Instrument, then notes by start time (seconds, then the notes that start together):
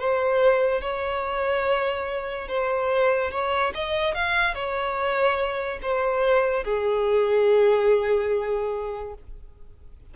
violin
0.00 C5
0.82 C#5
2.48 C5
3.32 C#5
3.75 D#5
4.15 F5
4.55 C#5
5.83 C5
6.65 G#4